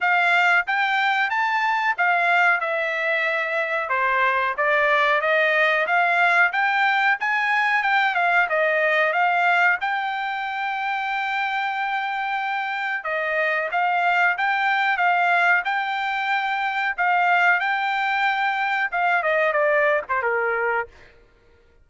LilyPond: \new Staff \with { instrumentName = "trumpet" } { \time 4/4 \tempo 4 = 92 f''4 g''4 a''4 f''4 | e''2 c''4 d''4 | dis''4 f''4 g''4 gis''4 | g''8 f''8 dis''4 f''4 g''4~ |
g''1 | dis''4 f''4 g''4 f''4 | g''2 f''4 g''4~ | g''4 f''8 dis''8 d''8. c''16 ais'4 | }